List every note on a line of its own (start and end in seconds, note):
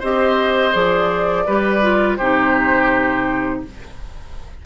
0.00 0.75 C4
0.00 0.73 G4
0.00 1.45 C5
0.00 0.75 D#5
0.73 1.47 F3
0.73 1.46 G#4
0.73 2.17 D5
1.47 2.19 G3
1.47 1.83 G4
1.47 2.19 B4
1.83 2.19 F4
2.17 3.64 C3
2.17 3.66 D#4
2.17 3.63 G4
2.17 3.62 C5